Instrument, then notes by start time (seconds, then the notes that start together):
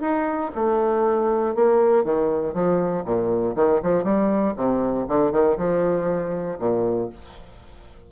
bassoon
0.00 D#4
0.55 A3
1.54 A#3
2.04 D#3
2.53 F3
3.04 A#2
3.55 D#3
3.82 F3
4.03 G3
4.56 C3
5.08 D3
5.31 D#3
5.57 F3
6.58 A#2